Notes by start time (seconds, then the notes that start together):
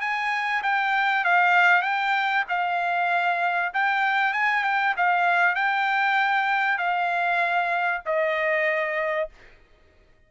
0.00 G#5
0.63 G5
1.24 F5
1.82 G5
2.49 F5
3.73 G5
4.33 G#5
4.64 G5
4.97 F5
5.55 G5
6.78 F5
8.06 D#5